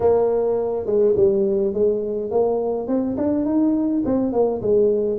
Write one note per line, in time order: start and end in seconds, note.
0.00 0.85 A#3
0.85 1.14 G#3
1.16 1.73 G3
1.73 2.30 G#3
2.30 2.87 A#3
2.87 3.16 C4
3.17 3.45 D4
3.45 4.03 D#4
4.05 4.32 C4
4.32 4.61 A#3
4.61 5.19 G#3